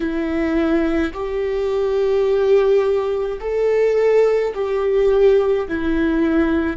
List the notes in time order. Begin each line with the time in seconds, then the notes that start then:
0.00 E4
1.13 G4
3.40 A4
4.54 G4
5.68 E4